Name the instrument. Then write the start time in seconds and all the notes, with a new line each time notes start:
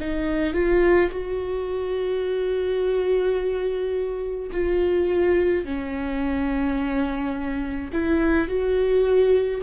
viola
0.00 D#4
0.54 F4
1.11 F#4
4.52 F4
5.65 C#4
7.93 E4
8.49 F#4